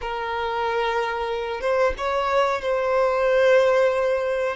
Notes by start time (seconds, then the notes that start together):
0.01 A#4
1.61 C5
1.97 C#5
2.61 C5